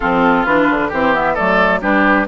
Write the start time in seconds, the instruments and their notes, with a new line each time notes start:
0.00 bassoon F3, clarinet C4, oboe F4, flute A4
0.45 bassoon E3, clarinet D4, flute B4
0.70 bassoon D3
0.88 bassoon E3, clarinet C4, oboe G4, flute C5
1.13 clarinet B3, flute E5
1.34 bassoon F#3, clarinet A3, oboe A4, flute D5
1.81 bassoon G3, clarinet D4, oboe G4, flute B4